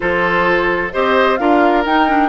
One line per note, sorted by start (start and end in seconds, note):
0.00 0.93 F3
0.00 0.90 F4
0.00 0.93 A4
0.00 0.91 C5
0.92 1.39 C4
0.92 1.38 G4
0.92 1.39 C5
0.92 1.37 D#5
1.37 1.85 D4
1.37 1.85 F4
1.37 2.29 A#4
1.37 1.83 F5
1.85 2.29 D#4
1.85 2.08 D#4
1.85 2.29 G5
2.08 2.29 D4